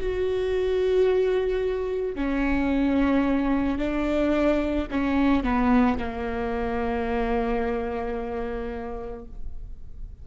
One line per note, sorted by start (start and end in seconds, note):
0.00 2.16 F#4
2.16 3.79 C#4
3.79 4.88 D4
4.91 5.44 C#4
5.44 5.99 B3
5.99 9.26 A#3